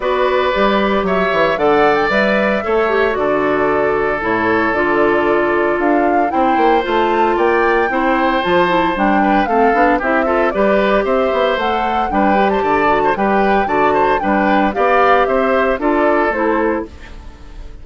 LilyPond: <<
  \new Staff \with { instrumentName = "flute" } { \time 4/4 \tempo 4 = 114 d''2 e''4 fis''8. g''16 | e''2 d''2 | cis''4 d''2 f''4 | g''4 a''4 g''2 |
a''4 g''4 f''4 e''4 | d''4 e''4 fis''4 g''8. a''16~ | a''4 g''4 a''4 g''4 | f''4 e''4 d''4 c''4 | }
  \new Staff \with { instrumentName = "oboe" } { \time 4/4 b'2 cis''4 d''4~ | d''4 cis''4 a'2~ | a'1 | c''2 d''4 c''4~ |
c''4. b'8 a'4 g'8 a'8 | b'4 c''2 b'8. c''16 | d''8. c''16 b'4 d''8 c''8 b'4 | d''4 c''4 a'2 | }
  \new Staff \with { instrumentName = "clarinet" } { \time 4/4 fis'4 g'2 a'4 | b'4 a'8 g'8 fis'2 | e'4 f'2. | e'4 f'2 e'4 |
f'8 e'8 d'4 c'8 d'8 e'8 f'8 | g'2 a'4 d'8 g'8~ | g'8 fis'8 g'4 fis'4 d'4 | g'2 f'4 e'4 | }
  \new Staff \with { instrumentName = "bassoon" } { \time 4/4 b4 g4 fis8 e8 d4 | g4 a4 d2 | a,4 d2 d'4 | c'8 ais8 a4 ais4 c'4 |
f4 g4 a8 b8 c'4 | g4 c'8 b8 a4 g4 | d4 g4 d4 g4 | b4 c'4 d'4 a4 | }
>>